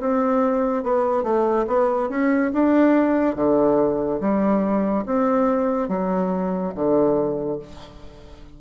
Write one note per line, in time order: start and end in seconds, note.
0.00 0.83 C4
0.83 1.23 B3
1.23 1.66 A3
1.67 2.09 B3
2.09 2.52 C#4
2.53 3.36 D4
3.36 4.20 D3
4.20 5.05 G3
5.06 5.88 C4
5.88 6.73 F#3
6.75 7.59 D3